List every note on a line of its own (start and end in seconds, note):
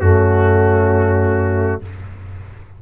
0.00 1.82 F#2
0.00 1.82 A3
0.00 1.82 C#4
0.00 1.82 F#4